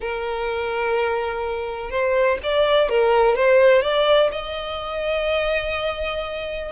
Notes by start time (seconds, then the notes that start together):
0.00 A#4
1.90 C5
2.43 D5
2.89 A#4
3.35 C5
3.82 D5
4.31 D#5